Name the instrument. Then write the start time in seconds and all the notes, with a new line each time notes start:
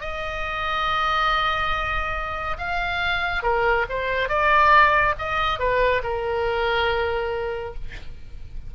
oboe
0.00 D#5
2.58 F5
3.42 A#4
3.89 C5
4.29 D5
5.18 D#5
5.59 B4
6.03 A#4